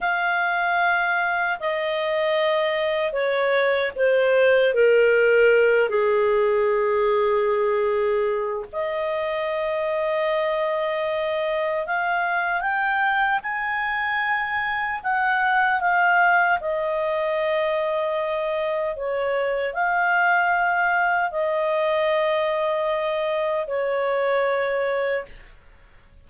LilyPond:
\new Staff \with { instrumentName = "clarinet" } { \time 4/4 \tempo 4 = 76 f''2 dis''2 | cis''4 c''4 ais'4. gis'8~ | gis'2. dis''4~ | dis''2. f''4 |
g''4 gis''2 fis''4 | f''4 dis''2. | cis''4 f''2 dis''4~ | dis''2 cis''2 | }